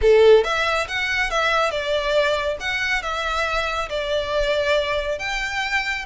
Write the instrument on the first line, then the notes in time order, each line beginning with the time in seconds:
violin
0.01 A4
0.44 E5
0.88 F#5
1.30 E5
1.71 D5
2.60 F#5
3.02 E5
3.89 D5
5.18 G5